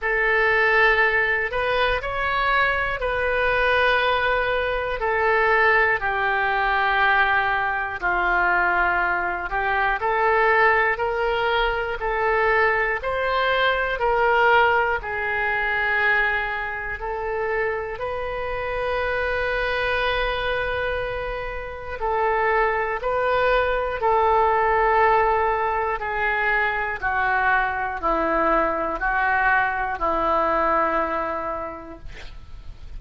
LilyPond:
\new Staff \with { instrumentName = "oboe" } { \time 4/4 \tempo 4 = 60 a'4. b'8 cis''4 b'4~ | b'4 a'4 g'2 | f'4. g'8 a'4 ais'4 | a'4 c''4 ais'4 gis'4~ |
gis'4 a'4 b'2~ | b'2 a'4 b'4 | a'2 gis'4 fis'4 | e'4 fis'4 e'2 | }